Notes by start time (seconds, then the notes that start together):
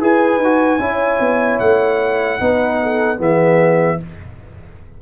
0.00 E4 G#4 B4 G#5
0.37 D#4
0.44 F#4
0.79 C#4 E4 C#5
1.20 B3
1.59 A3 F#5
2.40 B3 D#4 B4
2.83 A4
3.18 E3 B3 G#4 E5